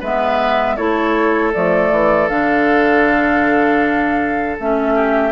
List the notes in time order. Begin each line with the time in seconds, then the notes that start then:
0.00 G#3 B3 B4 E5
0.76 A3 E4 A4 C#5
1.53 F3 A3 D5
1.91 E3
2.29 D3 D4 F5
4.59 A3 C#4 E5
4.95 G4